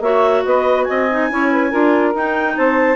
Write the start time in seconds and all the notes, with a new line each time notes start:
0.00 A#3 F#4 C#5 E5
0.44 B3 B4 D#5
0.84 C4 D#5 G#5
1.10 D#4
1.30 C#4 E4 C#5
1.51 B4
1.70 D4 F4 A#4
2.14 D#4 G5
2.56 C4 C5 A5